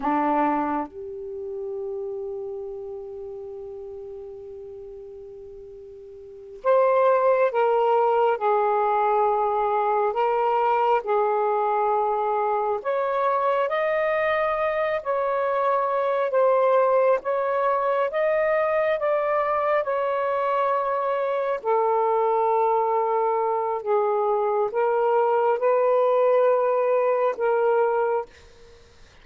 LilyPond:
\new Staff \with { instrumentName = "saxophone" } { \time 4/4 \tempo 4 = 68 d'4 g'2.~ | g'2.~ g'8 c''8~ | c''8 ais'4 gis'2 ais'8~ | ais'8 gis'2 cis''4 dis''8~ |
dis''4 cis''4. c''4 cis''8~ | cis''8 dis''4 d''4 cis''4.~ | cis''8 a'2~ a'8 gis'4 | ais'4 b'2 ais'4 | }